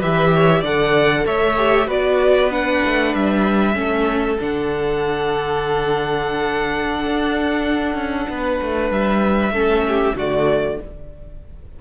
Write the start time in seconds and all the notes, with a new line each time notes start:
0.00 E3 G4 B4 E5
0.35 C#5
0.60 D3 A4 D5 F#5
1.27 A3 C#5 E5
1.57 G4
1.88 B3 F#4 B4 D5
2.51 D4 F#5
2.85 A3
3.15 G3 E5
3.75 A3 C#4 A4
4.40 D3 D4 F#5
7.06 D4
7.95 C#4
8.30 B3 B4
8.62 A3
8.91 G3 E5
9.51 A3 C#4 A4
9.88 G4
10.16 D3 A3 F#4 D5